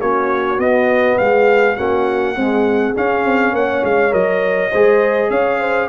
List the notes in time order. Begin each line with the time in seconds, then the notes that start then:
0.00 A#3 C#4 F#4 C#5
0.58 B3 D#5
1.18 G#3 G#4 F5
1.77 A#3 C#4 F#4 F#5
2.37 G#3 C4 G#4
2.95 C#4 F5
3.25 C4
3.53 A#3 C#5 F#5
3.84 G#3 F5
4.11 F#3 A#4 D#5
4.71 G#3 G#4 C5
5.30 C#4 C#5 F5
5.60 C5